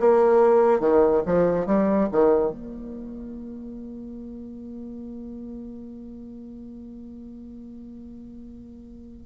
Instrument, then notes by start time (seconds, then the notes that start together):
bassoon
0.00 A#3
0.80 D#3
1.26 F3
1.66 G3
2.12 D#3
2.51 A#3